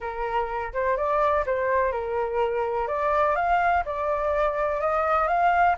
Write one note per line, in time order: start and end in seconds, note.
0.00 0.72 A#4
0.73 0.96 C5
0.96 1.44 D5
1.46 1.91 C5
1.91 2.87 A#4
2.87 3.35 D5
3.35 3.83 F5
3.85 4.80 D5
4.80 5.27 D#5
5.27 5.75 F5